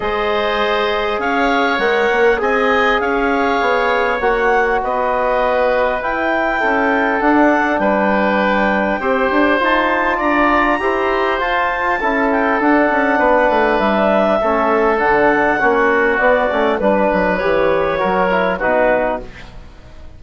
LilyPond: <<
  \new Staff \with { instrumentName = "clarinet" } { \time 4/4 \tempo 4 = 100 dis''2 f''4 fis''4 | gis''4 f''2 fis''4 | dis''2 g''2 | fis''4 g''2. |
a''4 ais''2 a''4~ | a''8 g''8 fis''2 e''4~ | e''4 fis''2 d''4 | b'4 cis''2 b'4 | }
  \new Staff \with { instrumentName = "oboe" } { \time 4/4 c''2 cis''2 | dis''4 cis''2. | b'2. a'4~ | a'4 b'2 c''4~ |
c''4 d''4 c''2 | a'2 b'2 | a'2 fis'2 | b'2 ais'4 fis'4 | }
  \new Staff \with { instrumentName = "trombone" } { \time 4/4 gis'2. ais'4 | gis'2. fis'4~ | fis'2 e'2 | d'2. g'4 |
f'2 g'4 f'4 | e'4 d'2. | cis'4 d'4 cis'4 b8 cis'8 | d'4 g'4 fis'8 e'8 dis'4 | }
  \new Staff \with { instrumentName = "bassoon" } { \time 4/4 gis2 cis'4 gis8 ais8 | c'4 cis'4 b4 ais4 | b2 e'4 cis'4 | d'4 g2 c'8 d'8 |
dis'4 d'4 e'4 f'4 | cis'4 d'8 cis'8 b8 a8 g4 | a4 d4 ais4 b8 a8 | g8 fis8 e4 fis4 b,4 | }
>>